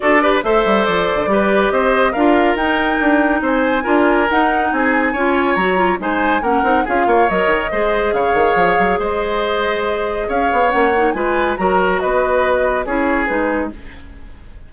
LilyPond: <<
  \new Staff \with { instrumentName = "flute" } { \time 4/4 \tempo 4 = 140 d''4 e''4 d''2 | dis''4 f''4 g''2 | gis''2 fis''4 gis''4~ | gis''4 ais''4 gis''4 fis''4 |
f''4 dis''2 f''4~ | f''4 dis''2. | f''4 fis''4 gis''4 ais''4 | dis''2 cis''4 b'4 | }
  \new Staff \with { instrumentName = "oboe" } { \time 4/4 a'8 b'8 c''2 b'4 | c''4 ais'2. | c''4 ais'2 gis'4 | cis''2 c''4 ais'4 |
gis'8 cis''4. c''4 cis''4~ | cis''4 c''2. | cis''2 b'4 ais'4 | b'2 gis'2 | }
  \new Staff \with { instrumentName = "clarinet" } { \time 4/4 fis'8 g'8 a'2 g'4~ | g'4 f'4 dis'2~ | dis'4 f'4 dis'2 | f'4 fis'8 f'8 dis'4 cis'8 dis'8 |
f'4 ais'4 gis'2~ | gis'1~ | gis'4 cis'8 dis'8 f'4 fis'4~ | fis'2 e'4 dis'4 | }
  \new Staff \with { instrumentName = "bassoon" } { \time 4/4 d'4 a8 g8 f8. d16 g4 | c'4 d'4 dis'4 d'4 | c'4 d'4 dis'4 c'4 | cis'4 fis4 gis4 ais8 c'8 |
cis'8 ais8 fis8 dis8 gis4 cis8 dis8 | f8 fis8 gis2. | cis'8 b8 ais4 gis4 fis4 | b2 cis'4 gis4 | }
>>